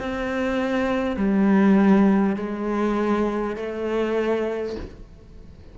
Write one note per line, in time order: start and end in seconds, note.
0.00 1.17 C4
1.17 2.37 G3
2.37 3.56 G#3
3.56 4.76 A3